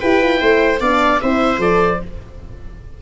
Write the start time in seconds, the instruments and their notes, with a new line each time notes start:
0.00 tuba E4, horn G4, viola B4, oboe G5
0.22 horn F4
0.38 tuba A3, horn E4, viola C5
0.80 tuba B3, horn D4, viola D5, oboe F5
1.20 tuba C4, horn E4, viola C5, oboe E5
1.58 tuba F3, horn A4, oboe D5